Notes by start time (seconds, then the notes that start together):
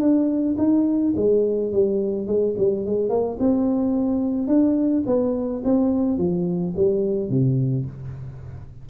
0.00 D4
0.58 D#4
1.16 G#3
1.72 G3
2.27 G#3
2.58 G3
2.86 G#3
3.10 A#3
3.40 C4
4.48 D4
5.07 B3
5.65 C4
6.18 F3
6.77 G3
7.30 C3